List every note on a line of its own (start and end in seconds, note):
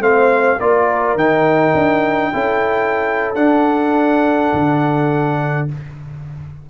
0.00 0.58 A3
0.00 0.59 C4
0.00 0.58 C5
0.00 0.60 F5
0.58 1.15 A#3
0.58 1.18 F4
0.58 2.33 A#4
0.58 1.18 D5
1.15 1.74 D#3
1.15 2.33 D#4
1.15 3.35 G5
1.74 2.32 D4
2.33 3.35 C#4
2.33 3.35 E4
2.33 5.68 A4
3.35 4.52 D4
3.35 5.68 D4
3.35 5.68 F#5
4.53 5.70 D3